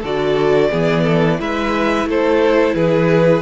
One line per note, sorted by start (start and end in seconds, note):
0.00 0.71 D3
0.00 0.70 F#4
0.00 0.68 A4
0.00 1.41 D5
0.70 1.40 E3
0.70 1.38 B3
0.70 1.03 G#4
1.03 1.37 A4
1.39 2.06 G#3
1.39 3.41 E4
1.39 2.08 B4
1.39 2.09 E5
2.06 2.74 A3
2.06 2.75 A4
2.06 2.75 C5
2.75 3.41 E3
2.75 3.41 G#4
2.75 3.41 B4